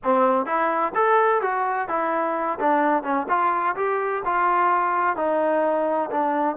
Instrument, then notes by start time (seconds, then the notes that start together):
trombone
0.03 C4
0.46 E4
0.94 A4
1.41 F#4
1.88 E4
2.59 D4
3.03 C#4
3.28 F4
3.76 G4
4.25 F4
5.16 D#4
6.10 D4